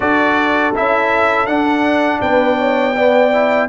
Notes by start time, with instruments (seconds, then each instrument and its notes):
0.00 tuba D4, trombone F#4, horn A4, trumpet D5
0.75 tuba C#4, trombone E4, trumpet E5
1.46 tuba D4, trombone D4, trumpet F#5
2.21 tuba B3, horn B4, trumpet G5
2.58 horn C#5
2.95 trombone B3, horn D5
3.32 trombone E4